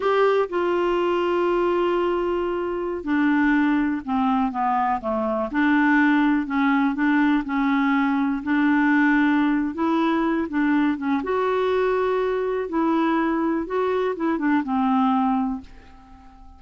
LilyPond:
\new Staff \with { instrumentName = "clarinet" } { \time 4/4 \tempo 4 = 123 g'4 f'2.~ | f'2~ f'16 d'4.~ d'16~ | d'16 c'4 b4 a4 d'8.~ | d'4~ d'16 cis'4 d'4 cis'8.~ |
cis'4~ cis'16 d'2~ d'8. | e'4. d'4 cis'8 fis'4~ | fis'2 e'2 | fis'4 e'8 d'8 c'2 | }